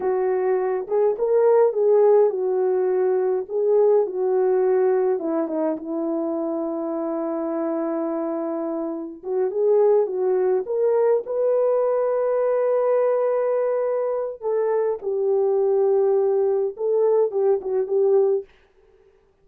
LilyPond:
\new Staff \with { instrumentName = "horn" } { \time 4/4 \tempo 4 = 104 fis'4. gis'8 ais'4 gis'4 | fis'2 gis'4 fis'4~ | fis'4 e'8 dis'8 e'2~ | e'1 |
fis'8 gis'4 fis'4 ais'4 b'8~ | b'1~ | b'4 a'4 g'2~ | g'4 a'4 g'8 fis'8 g'4 | }